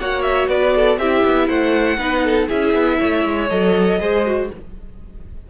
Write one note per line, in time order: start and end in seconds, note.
0.00 0.48 A#3
0.00 1.01 F#4
0.00 0.49 C#5
0.00 0.23 F#5
0.23 0.47 E5
0.48 0.98 B3
0.48 0.74 B4
0.48 0.99 D5
0.76 1.00 A4
0.98 1.23 C4
0.98 1.98 E4
0.98 1.48 G4
0.98 1.49 E5
1.25 1.49 B3
1.48 1.98 A3
1.48 1.98 C5
1.48 2.49 F#5
1.98 2.48 B3
1.98 2.48 D#4
1.98 2.24 B4
2.25 2.48 A4
2.48 2.74 C#4
2.48 3.49 E4
2.48 2.98 G#4
2.48 3.49 E5
2.74 2.99 B3
2.99 3.25 A3
2.99 3.99 C#5
3.25 3.50 G#3
3.49 4.00 F#3
3.49 4.00 A4
3.49 4.49 D#5
4.00 4.50 G#3
4.00 4.25 G#4
4.00 4.51 C5
4.26 4.51 F#4